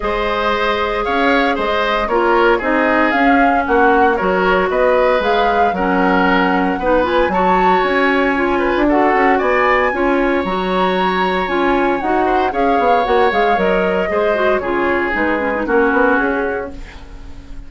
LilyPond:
<<
  \new Staff \with { instrumentName = "flute" } { \time 4/4 \tempo 4 = 115 dis''2 f''4 dis''4 | cis''4 dis''4 f''4 fis''4 | cis''4 dis''4 f''4 fis''4~ | fis''4. gis''8 a''4 gis''4~ |
gis''4 fis''4 gis''2 | ais''2 gis''4 fis''4 | f''4 fis''8 f''8 dis''2 | cis''4 b'4 ais'4 gis'4 | }
  \new Staff \with { instrumentName = "oboe" } { \time 4/4 c''2 cis''4 c''4 | ais'4 gis'2 fis'4 | ais'4 b'2 ais'4~ | ais'4 b'4 cis''2~ |
cis''8 b'8 a'4 d''4 cis''4~ | cis''2.~ cis''8 c''8 | cis''2. c''4 | gis'2 fis'2 | }
  \new Staff \with { instrumentName = "clarinet" } { \time 4/4 gis'1 | f'4 dis'4 cis'2 | fis'2 gis'4 cis'4~ | cis'4 dis'8 f'8 fis'2 |
f'4 fis'2 f'4 | fis'2 f'4 fis'4 | gis'4 fis'8 gis'8 ais'4 gis'8 fis'8 | f'4 dis'8 cis'16 dis'16 cis'2 | }
  \new Staff \with { instrumentName = "bassoon" } { \time 4/4 gis2 cis'4 gis4 | ais4 c'4 cis'4 ais4 | fis4 b4 gis4 fis4~ | fis4 b4 fis4 cis'4~ |
cis'8. d'8. cis'8 b4 cis'4 | fis2 cis'4 dis'4 | cis'8 b8 ais8 gis8 fis4 gis4 | cis4 gis4 ais8 b8 cis'4 | }
>>